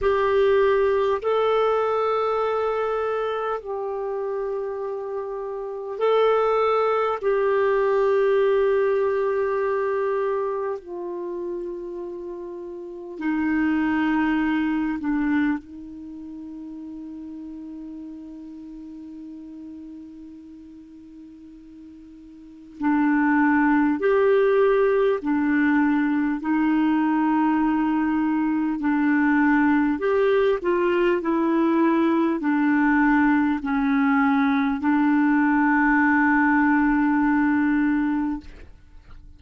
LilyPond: \new Staff \with { instrumentName = "clarinet" } { \time 4/4 \tempo 4 = 50 g'4 a'2 g'4~ | g'4 a'4 g'2~ | g'4 f'2 dis'4~ | dis'8 d'8 dis'2.~ |
dis'2. d'4 | g'4 d'4 dis'2 | d'4 g'8 f'8 e'4 d'4 | cis'4 d'2. | }